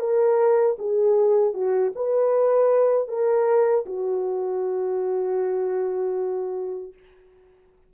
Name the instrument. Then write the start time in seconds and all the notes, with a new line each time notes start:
horn
0.00 A#4
0.79 G#4
1.55 F#4
1.96 B4
3.09 A#4
3.86 F#4